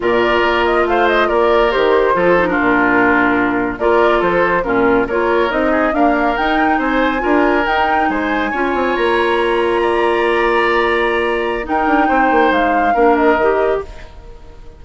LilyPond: <<
  \new Staff \with { instrumentName = "flute" } { \time 4/4 \tempo 4 = 139 d''4. dis''8 f''8 dis''8 d''4 | c''4.~ c''16 ais'2~ ais'16~ | ais'8. d''4 c''4 ais'4 cis''16~ | cis''8. dis''4 f''4 g''4 gis''16~ |
gis''4.~ gis''16 g''4 gis''4~ gis''16~ | gis''8. ais''2.~ ais''16~ | ais''2. g''4~ | g''4 f''4. dis''4. | }
  \new Staff \with { instrumentName = "oboe" } { \time 4/4 ais'2 c''4 ais'4~ | ais'4 a'8. f'2~ f'16~ | f'8. ais'4 a'4 f'4 ais'16~ | ais'4~ ais'16 gis'8 ais'2 c''16~ |
c''8. ais'2 c''4 cis''16~ | cis''2~ cis''8. d''4~ d''16~ | d''2. ais'4 | c''2 ais'2 | }
  \new Staff \with { instrumentName = "clarinet" } { \time 4/4 f'1 | g'4 f'8 dis'16 d'2~ d'16~ | d'8. f'2 cis'4 f'16~ | f'8. dis'4 ais4 dis'4~ dis'16~ |
dis'8. f'4 dis'2 f'16~ | f'1~ | f'2. dis'4~ | dis'2 d'4 g'4 | }
  \new Staff \with { instrumentName = "bassoon" } { \time 4/4 ais,4 ais4 a4 ais4 | dis4 f4 ais,2~ | ais,8. ais4 f4 ais,4 ais16~ | ais8. c'4 d'4 dis'4 c'16~ |
c'8. d'4 dis'4 gis4 cis'16~ | cis'16 c'8 ais2.~ ais16~ | ais2. dis'8 d'8 | c'8 ais8 gis4 ais4 dis4 | }
>>